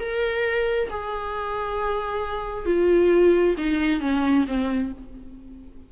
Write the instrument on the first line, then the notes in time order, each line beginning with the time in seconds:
viola
0.00 A#4
0.90 G#4
2.66 F4
3.58 D#4
4.01 C#4
4.48 C4